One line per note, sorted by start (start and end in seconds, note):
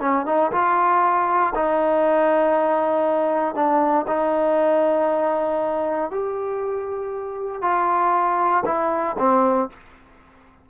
0.00 0.25 C#4
0.26 0.51 D#4
0.52 1.53 F4
1.55 3.55 D#4
3.55 4.06 D4
4.07 6.10 D#4
6.10 7.62 G4
7.62 8.63 F4
8.65 9.16 E4
9.18 9.69 C4